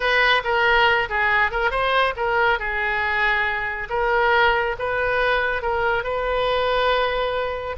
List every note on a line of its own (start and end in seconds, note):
0.00 0.42 B4
0.44 1.09 A#4
1.09 1.51 G#4
1.51 1.70 A#4
1.70 2.13 C5
2.16 2.59 A#4
2.59 3.88 G#4
3.89 4.76 A#4
4.79 5.62 B4
5.62 6.03 A#4
6.03 7.76 B4